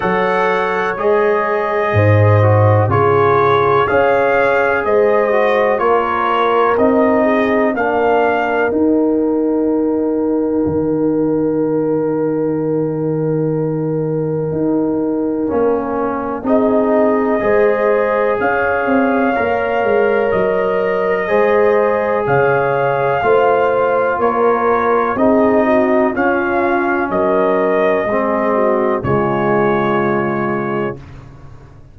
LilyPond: <<
  \new Staff \with { instrumentName = "trumpet" } { \time 4/4 \tempo 4 = 62 fis''4 dis''2 cis''4 | f''4 dis''4 cis''4 dis''4 | f''4 g''2.~ | g''1~ |
g''4 dis''2 f''4~ | f''4 dis''2 f''4~ | f''4 cis''4 dis''4 f''4 | dis''2 cis''2 | }
  \new Staff \with { instrumentName = "horn" } { \time 4/4 cis''2 c''4 gis'4 | cis''4 c''4 ais'4. gis'8 | ais'1~ | ais'1~ |
ais'4 gis'4 c''4 cis''4~ | cis''2 c''4 cis''4 | c''4 ais'4 gis'8 fis'8 f'4 | ais'4 gis'8 fis'8 f'2 | }
  \new Staff \with { instrumentName = "trombone" } { \time 4/4 a'4 gis'4. fis'8 f'4 | gis'4. fis'8 f'4 dis'4 | d'4 dis'2.~ | dis'1 |
cis'4 dis'4 gis'2 | ais'2 gis'2 | f'2 dis'4 cis'4~ | cis'4 c'4 gis2 | }
  \new Staff \with { instrumentName = "tuba" } { \time 4/4 fis4 gis4 gis,4 cis4 | cis'4 gis4 ais4 c'4 | ais4 dis'2 dis4~ | dis2. dis'4 |
ais4 c'4 gis4 cis'8 c'8 | ais8 gis8 fis4 gis4 cis4 | a4 ais4 c'4 cis'4 | fis4 gis4 cis2 | }
>>